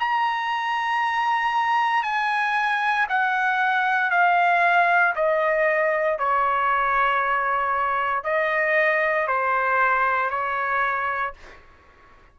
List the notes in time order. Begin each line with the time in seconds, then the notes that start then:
0.00 A#5
2.03 G#5
3.09 F#5
4.11 F5
5.15 D#5
6.19 C#5
8.24 D#5
9.28 C5
10.30 C#5